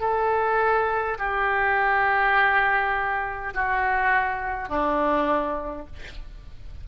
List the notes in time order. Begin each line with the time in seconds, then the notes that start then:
0.00 A4
1.19 G4
3.54 F#4
4.69 D4